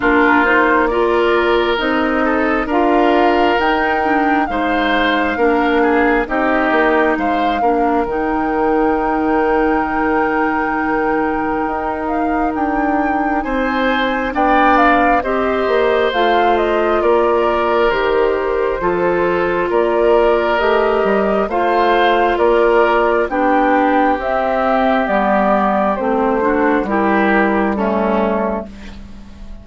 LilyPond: <<
  \new Staff \with { instrumentName = "flute" } { \time 4/4 \tempo 4 = 67 ais'8 c''8 d''4 dis''4 f''4 | g''4 f''2 dis''4 | f''4 g''2.~ | g''4. f''8 g''4 gis''4 |
g''8 f''8 dis''4 f''8 dis''8 d''4 | c''2 d''4 dis''4 | f''4 d''4 g''4 e''4 | d''4 c''4 ais'4 a'4 | }
  \new Staff \with { instrumentName = "oboe" } { \time 4/4 f'4 ais'4. a'8 ais'4~ | ais'4 c''4 ais'8 gis'8 g'4 | c''8 ais'2.~ ais'8~ | ais'2. c''4 |
d''4 c''2 ais'4~ | ais'4 a'4 ais'2 | c''4 ais'4 g'2~ | g'4. fis'8 g'4 cis'4 | }
  \new Staff \with { instrumentName = "clarinet" } { \time 4/4 d'8 dis'8 f'4 dis'4 f'4 | dis'8 d'8 dis'4 d'4 dis'4~ | dis'8 d'8 dis'2.~ | dis'1 |
d'4 g'4 f'2 | g'4 f'2 g'4 | f'2 d'4 c'4 | b4 c'8 d'8 e'4 a4 | }
  \new Staff \with { instrumentName = "bassoon" } { \time 4/4 ais2 c'4 d'4 | dis'4 gis4 ais4 c'8 ais8 | gis8 ais8 dis2.~ | dis4 dis'4 d'4 c'4 |
b4 c'8 ais8 a4 ais4 | dis4 f4 ais4 a8 g8 | a4 ais4 b4 c'4 | g4 a4 g2 | }
>>